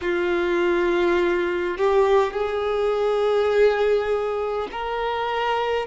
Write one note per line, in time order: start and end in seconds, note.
0.01 1.77 F4
1.77 2.32 G4
2.32 4.67 G#4
4.71 5.86 A#4